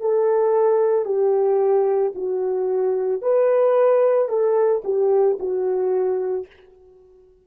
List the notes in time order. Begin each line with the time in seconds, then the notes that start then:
0.00 A4
1.05 G4
2.15 F#4
3.22 B4
4.29 A4
4.84 G4
5.39 F#4